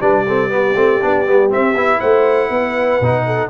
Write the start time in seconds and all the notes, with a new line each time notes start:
0.00 G3 D4 B4 D5
0.27 C4 A4
0.49 B3 G4
0.75 A3 C4
1.01 B3 D4
1.26 G3 B3
1.49 C4 E5
1.74 B3 E4
1.99 A3 C5 F#5
2.49 B3 B4
3.00 B2 D#4
3.25 A4